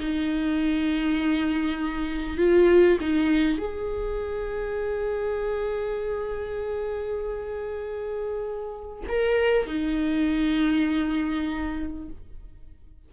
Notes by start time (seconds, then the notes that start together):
0.00 D#4
2.38 F4
3.01 D#4
3.58 G#4
9.09 A#4
9.67 D#4